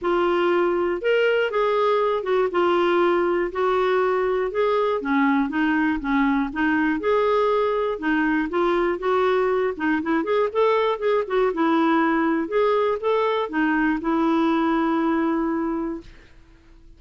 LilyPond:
\new Staff \with { instrumentName = "clarinet" } { \time 4/4 \tempo 4 = 120 f'2 ais'4 gis'4~ | gis'8 fis'8 f'2 fis'4~ | fis'4 gis'4 cis'4 dis'4 | cis'4 dis'4 gis'2 |
dis'4 f'4 fis'4. dis'8 | e'8 gis'8 a'4 gis'8 fis'8 e'4~ | e'4 gis'4 a'4 dis'4 | e'1 | }